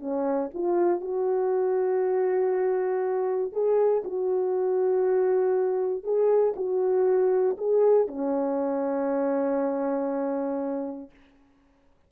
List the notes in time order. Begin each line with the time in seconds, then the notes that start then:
0.00 C#4
0.55 F4
1.01 F#4
3.53 G#4
4.05 F#4
6.04 G#4
6.57 F#4
7.58 G#4
8.08 C#4